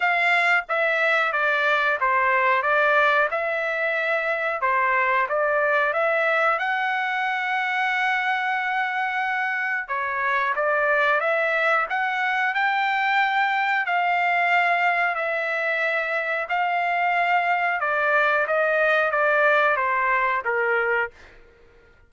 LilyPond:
\new Staff \with { instrumentName = "trumpet" } { \time 4/4 \tempo 4 = 91 f''4 e''4 d''4 c''4 | d''4 e''2 c''4 | d''4 e''4 fis''2~ | fis''2. cis''4 |
d''4 e''4 fis''4 g''4~ | g''4 f''2 e''4~ | e''4 f''2 d''4 | dis''4 d''4 c''4 ais'4 | }